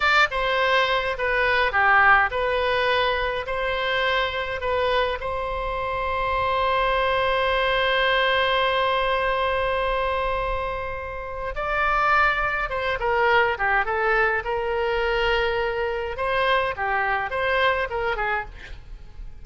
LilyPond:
\new Staff \with { instrumentName = "oboe" } { \time 4/4 \tempo 4 = 104 d''8 c''4. b'4 g'4 | b'2 c''2 | b'4 c''2.~ | c''1~ |
c''1 | d''2 c''8 ais'4 g'8 | a'4 ais'2. | c''4 g'4 c''4 ais'8 gis'8 | }